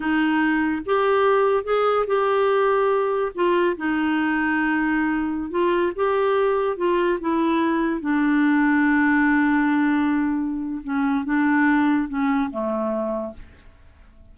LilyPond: \new Staff \with { instrumentName = "clarinet" } { \time 4/4 \tempo 4 = 144 dis'2 g'2 | gis'4 g'2. | f'4 dis'2.~ | dis'4~ dis'16 f'4 g'4.~ g'16~ |
g'16 f'4 e'2 d'8.~ | d'1~ | d'2 cis'4 d'4~ | d'4 cis'4 a2 | }